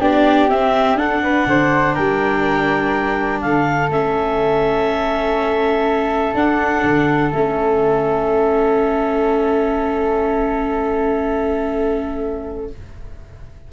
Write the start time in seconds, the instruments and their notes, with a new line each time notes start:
0.00 tuba B3, viola D4, flute G4, clarinet D5
0.48 tuba C4, viola C4, clarinet E5
0.94 tuba D4, viola D4, flute A4, clarinet F#5
1.23 flute B4
1.46 tuba D3, flute C5
1.94 tuba G3, flute A#4, clarinet G5
3.41 tuba D3, flute A4, clarinet F5
3.90 tuba A3, viola C#4, clarinet E5
6.34 tuba D4, viola D4, clarinet F#5
6.83 tuba D3
7.31 tuba A3, viola C#4, clarinet E5